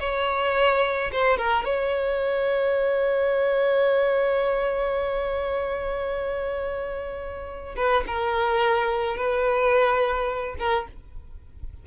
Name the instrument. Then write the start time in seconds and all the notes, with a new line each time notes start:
violin
0.00 C#5
1.12 C5
1.38 A#4
1.65 C#5
7.77 B4
8.07 A#4
9.17 B4
10.59 A#4